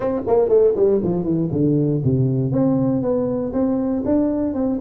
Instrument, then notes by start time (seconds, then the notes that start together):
tuba
0.00 C4
0.27 A#3
0.48 A3
0.76 G3
1.03 F3
1.23 E3
1.51 D3
2.04 C3
2.52 C4
3.02 B3
3.52 C4
4.05 D4
4.54 C4